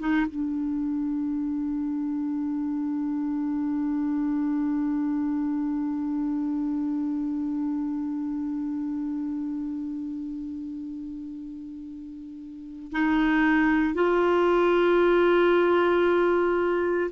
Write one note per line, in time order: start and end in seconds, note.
0.00 0.26 D#4
0.30 12.92 D4
12.92 13.95 D#4
13.95 17.11 F4